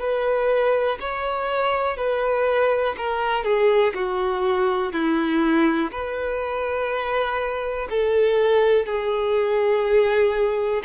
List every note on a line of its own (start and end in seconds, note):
0.00 0.98 B4
1.00 1.97 C#5
1.97 2.96 B4
2.97 3.44 A#4
3.44 3.93 G#4
3.94 4.93 F#4
4.93 5.91 E4
5.92 7.88 B4
7.90 8.86 A4
8.86 10.82 G#4